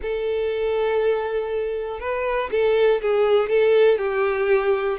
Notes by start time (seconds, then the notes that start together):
0.02 A4
2.00 B4
2.51 A4
3.01 G#4
3.49 A4
3.98 G4